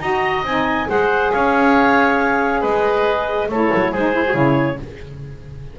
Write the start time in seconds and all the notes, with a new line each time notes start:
0.00 D#4 F#4 D#5 A#5
0.43 C4 D#4 G#5
0.87 G#3 G#4 C5 F#5
1.32 C#4 C#5 F5
2.61 G#3 B4 D#5
3.49 A3 E4 A4 C#5
3.74 F#3
3.92 G#3 D#4 G#4 C5
4.13 E4
4.27 E4 F#4
4.35 C#3 C#5